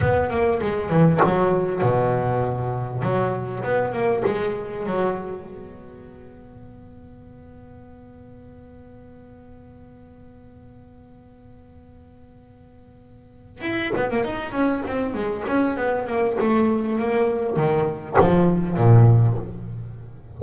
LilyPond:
\new Staff \with { instrumentName = "double bass" } { \time 4/4 \tempo 4 = 99 b8 ais8 gis8 e8 fis4 b,4~ | b,4 fis4 b8 ais8 gis4 | fis4 b2.~ | b1~ |
b1~ | b2~ b8 e'8 b16 ais16 dis'8 | cis'8 c'8 gis8 cis'8 b8 ais8 a4 | ais4 dis4 f4 ais,4 | }